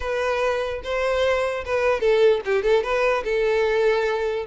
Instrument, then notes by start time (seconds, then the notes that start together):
violin
0.00 B4
0.83 C5
1.65 B4
2.00 A4
2.45 G4
2.62 A4
2.83 B4
3.24 A4